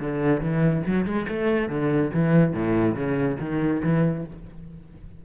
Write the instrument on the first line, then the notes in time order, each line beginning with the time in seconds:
cello
0.00 D3
0.40 E3
0.86 F#3
1.05 G#3
1.28 A3
1.69 D3
2.13 E3
2.53 A2
2.94 C#3
3.39 D#3
3.82 E3